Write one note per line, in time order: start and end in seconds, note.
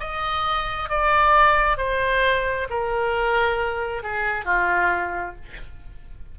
0.00 0.90 D#5
0.90 1.78 D5
1.78 2.68 C5
2.70 4.03 A#4
4.03 4.45 G#4
4.45 5.36 F4